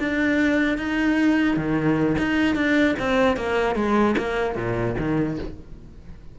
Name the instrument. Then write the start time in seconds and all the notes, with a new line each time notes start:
cello
0.00 D4
0.78 D#4
1.57 D#3
2.19 D#4
2.56 D4
2.99 C4
3.37 A#3
3.76 G#3
4.18 A#3
4.56 A#2
4.99 D#3